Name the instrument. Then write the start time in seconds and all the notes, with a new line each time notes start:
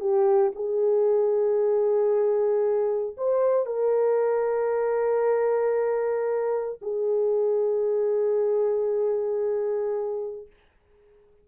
horn
0.00 G4
0.55 G#4
3.17 C5
3.66 A#4
6.82 G#4